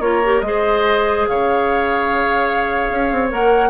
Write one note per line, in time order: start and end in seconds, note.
0.00 0.42 A#3
0.00 0.23 F4
0.00 0.45 A#4
0.00 0.41 C#5
0.25 0.44 G4
0.41 1.27 G#3
0.41 3.30 G#4
0.41 1.26 D#5
0.48 1.30 C5
1.28 2.90 C#3
1.28 3.70 C#5
1.28 3.30 F5
2.91 3.12 C#4
3.12 3.32 C4
3.30 3.70 A#3
3.30 3.70 A#4
3.30 3.70 F#5